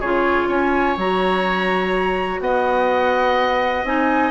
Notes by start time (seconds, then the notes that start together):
0.00 C#3 F4 G#4 C#5
0.48 C#4 C#5 G#5
0.97 F#3 F#4 A#5
2.40 B3 D#5 F#5
3.84 C4 D#4 G#5